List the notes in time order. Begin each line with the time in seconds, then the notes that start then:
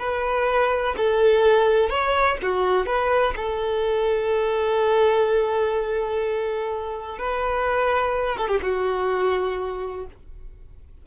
0.00 B4
0.98 A4
1.90 C#5
2.43 F#4
2.86 B4
3.36 A4
7.19 B4
8.38 A4
8.49 G4
8.63 F#4